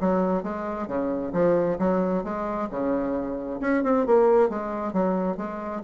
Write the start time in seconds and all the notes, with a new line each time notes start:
0.00 F#3
0.43 G#3
0.87 C#3
1.33 F3
1.78 F#3
2.24 G#3
2.70 C#3
3.60 C#4
3.83 C4
4.06 A#3
4.49 G#3
4.93 F#3
5.37 G#3